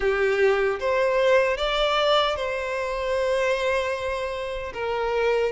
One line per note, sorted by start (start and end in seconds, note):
0.00 0.79 G4
0.79 1.57 C5
1.57 2.35 D5
2.35 4.72 C5
4.73 5.52 A#4